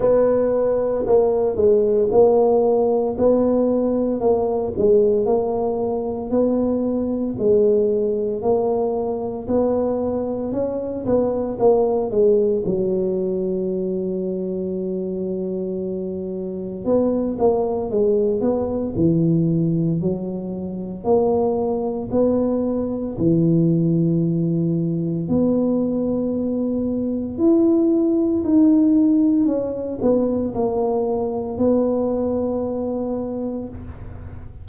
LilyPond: \new Staff \with { instrumentName = "tuba" } { \time 4/4 \tempo 4 = 57 b4 ais8 gis8 ais4 b4 | ais8 gis8 ais4 b4 gis4 | ais4 b4 cis'8 b8 ais8 gis8 | fis1 |
b8 ais8 gis8 b8 e4 fis4 | ais4 b4 e2 | b2 e'4 dis'4 | cis'8 b8 ais4 b2 | }